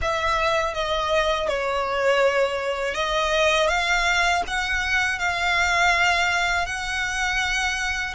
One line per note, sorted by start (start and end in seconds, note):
0.01 0.74 E5
0.74 1.48 D#5
1.48 2.94 C#5
2.94 3.68 D#5
3.68 4.42 F5
4.46 5.19 F#5
5.19 6.66 F5
6.66 8.14 F#5